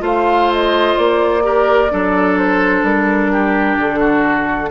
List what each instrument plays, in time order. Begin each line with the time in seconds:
0.00 bassoon A3, clarinet F4, oboe C5, flute F5
0.53 flute D#5
0.98 bassoon A#3, flute D5
1.43 clarinet G4, oboe A#4
1.90 bassoon F#3, clarinet D4, oboe A4
2.38 flute C5
2.83 bassoon G3, flute A#4
3.32 oboe G4
3.78 bassoon D3, flute A4
4.00 oboe F#4